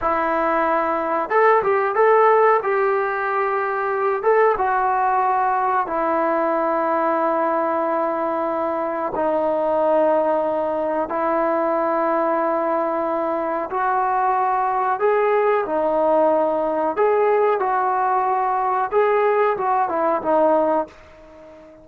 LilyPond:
\new Staff \with { instrumentName = "trombone" } { \time 4/4 \tempo 4 = 92 e'2 a'8 g'8 a'4 | g'2~ g'8 a'8 fis'4~ | fis'4 e'2.~ | e'2 dis'2~ |
dis'4 e'2.~ | e'4 fis'2 gis'4 | dis'2 gis'4 fis'4~ | fis'4 gis'4 fis'8 e'8 dis'4 | }